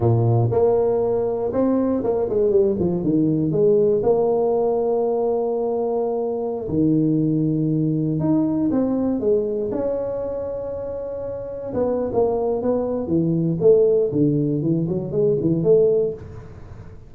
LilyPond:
\new Staff \with { instrumentName = "tuba" } { \time 4/4 \tempo 4 = 119 ais,4 ais2 c'4 | ais8 gis8 g8 f8 dis4 gis4 | ais1~ | ais4~ ais16 dis2~ dis8.~ |
dis16 dis'4 c'4 gis4 cis'8.~ | cis'2.~ cis'16 b8. | ais4 b4 e4 a4 | d4 e8 fis8 gis8 e8 a4 | }